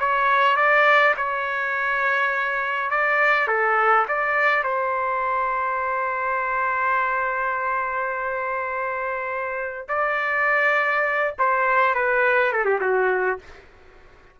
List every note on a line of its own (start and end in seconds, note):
0.00 0.57 C#5
0.57 1.15 D5
1.17 2.91 C#5
2.91 3.48 D5
3.48 4.06 A4
4.08 4.64 D5
4.64 9.88 C5
9.89 11.35 D5
11.39 11.95 C5
11.95 12.53 B4
12.53 12.65 A4
12.65 12.80 G4
12.81 13.39 F#4